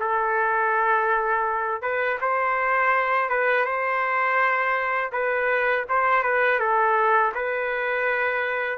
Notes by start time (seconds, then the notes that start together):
0.00 A4
1.82 B4
2.21 C5
3.29 B4
3.65 C5
5.12 B4
5.89 C5
6.23 B4
6.59 A4
7.35 B4